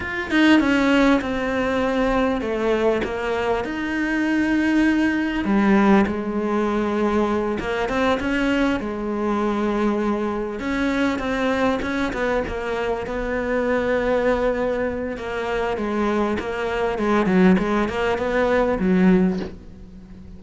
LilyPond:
\new Staff \with { instrumentName = "cello" } { \time 4/4 \tempo 4 = 99 f'8 dis'8 cis'4 c'2 | a4 ais4 dis'2~ | dis'4 g4 gis2~ | gis8 ais8 c'8 cis'4 gis4.~ |
gis4. cis'4 c'4 cis'8 | b8 ais4 b2~ b8~ | b4 ais4 gis4 ais4 | gis8 fis8 gis8 ais8 b4 fis4 | }